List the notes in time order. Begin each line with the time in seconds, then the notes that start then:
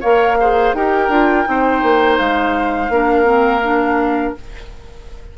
0.00 A#3 A#4 C#5 F5
0.39 G#4 C5
0.73 D#4 G4 A#4 G5
1.08 D4 F4
1.44 C4 D#4 C5
1.82 A#3
2.17 G#3 F5
2.89 A#3 D4 A#4
3.24 C4
3.63 D4